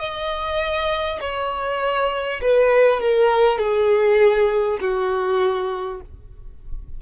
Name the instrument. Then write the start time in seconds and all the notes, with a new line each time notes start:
violin
0.00 D#5
1.21 C#5
2.42 B4
3.01 A#4
3.58 G#4
4.81 F#4